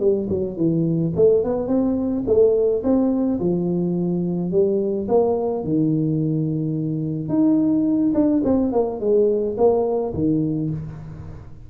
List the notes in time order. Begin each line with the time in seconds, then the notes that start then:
0.00 G3
0.29 F#3
0.57 E3
1.16 A3
1.44 B3
1.68 C4
2.27 A3
2.83 C4
3.40 F3
4.51 G3
5.08 A#3
5.64 D#3
7.29 D#4
8.14 D4
8.44 C4
8.72 A#3
9.00 G#3
9.58 A#3
10.14 D#3